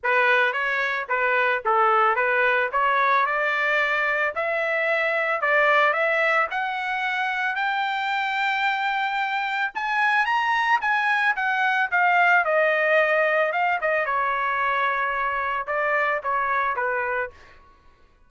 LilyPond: \new Staff \with { instrumentName = "trumpet" } { \time 4/4 \tempo 4 = 111 b'4 cis''4 b'4 a'4 | b'4 cis''4 d''2 | e''2 d''4 e''4 | fis''2 g''2~ |
g''2 gis''4 ais''4 | gis''4 fis''4 f''4 dis''4~ | dis''4 f''8 dis''8 cis''2~ | cis''4 d''4 cis''4 b'4 | }